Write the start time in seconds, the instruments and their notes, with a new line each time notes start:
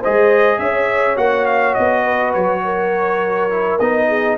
0.00 tuba G#3, trombone G#4, horn C5, trumpet D#5
0.58 tuba C#4, horn C#5, trumpet E5
1.17 tuba A#3, trombone F#4, trumpet F#5
1.46 trumpet F5
1.74 tuba B3, trumpet D#5
2.04 horn B4
2.34 tuba F#3, trumpet C#5
2.65 horn A#4
3.50 trombone E4
3.79 tuba B3, trombone D#4, trumpet D#5
4.08 horn G#4